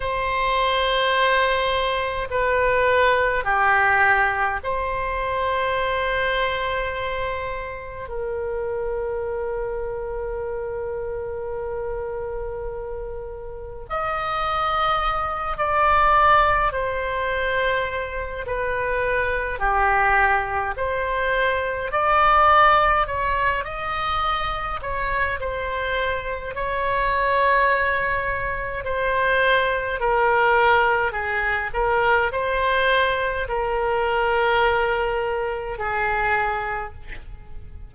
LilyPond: \new Staff \with { instrumentName = "oboe" } { \time 4/4 \tempo 4 = 52 c''2 b'4 g'4 | c''2. ais'4~ | ais'1 | dis''4. d''4 c''4. |
b'4 g'4 c''4 d''4 | cis''8 dis''4 cis''8 c''4 cis''4~ | cis''4 c''4 ais'4 gis'8 ais'8 | c''4 ais'2 gis'4 | }